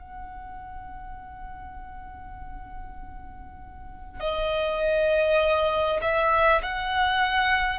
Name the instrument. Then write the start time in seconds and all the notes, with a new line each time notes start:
violin
0.00 F#5
4.19 D#5
6.01 E5
6.62 F#5